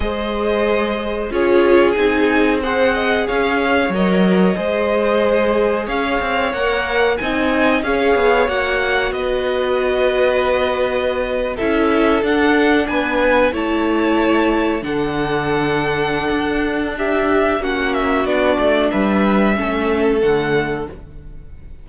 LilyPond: <<
  \new Staff \with { instrumentName = "violin" } { \time 4/4 \tempo 4 = 92 dis''2 cis''4 gis''4 | fis''4 f''4 dis''2~ | dis''4 f''4 fis''4 gis''4 | f''4 fis''4 dis''2~ |
dis''4.~ dis''16 e''4 fis''4 gis''16~ | gis''8. a''2 fis''4~ fis''16~ | fis''2 e''4 fis''8 e''8 | d''4 e''2 fis''4 | }
  \new Staff \with { instrumentName = "violin" } { \time 4/4 c''2 gis'2 | c''8 dis''8 cis''2 c''4~ | c''4 cis''2 dis''4 | cis''2 b'2~ |
b'4.~ b'16 a'2 b'16~ | b'8. cis''2 a'4~ a'16~ | a'2 g'4 fis'4~ | fis'4 b'4 a'2 | }
  \new Staff \with { instrumentName = "viola" } { \time 4/4 gis'2 f'4 dis'4 | gis'2 ais'4 gis'4~ | gis'2 ais'4 dis'4 | gis'4 fis'2.~ |
fis'4.~ fis'16 e'4 d'4~ d'16~ | d'8. e'2 d'4~ d'16~ | d'2. cis'4 | d'2 cis'4 a4 | }
  \new Staff \with { instrumentName = "cello" } { \time 4/4 gis2 cis'4 c'4~ | c'4 cis'4 fis4 gis4~ | gis4 cis'8 c'8 ais4 c'4 | cis'8 b8 ais4 b2~ |
b4.~ b16 cis'4 d'4 b16~ | b8. a2 d4~ d16~ | d4 d'2 ais4 | b8 a8 g4 a4 d4 | }
>>